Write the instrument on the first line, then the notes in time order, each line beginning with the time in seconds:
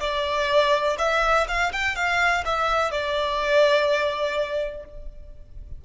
violin
0.00 D5
0.99 E5
1.48 F5
1.72 G5
1.95 F5
2.45 E5
2.91 D5